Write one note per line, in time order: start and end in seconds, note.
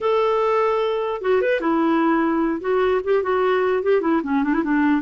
0.00 1.21 A4
1.21 1.41 F#4
1.41 1.60 B4
1.60 2.61 E4
2.61 3.01 F#4
3.03 3.23 G4
3.23 3.83 F#4
3.83 4.01 G4
4.01 4.21 E4
4.23 4.43 C#4
4.43 4.53 D4
4.53 4.63 E4
4.63 5.01 D4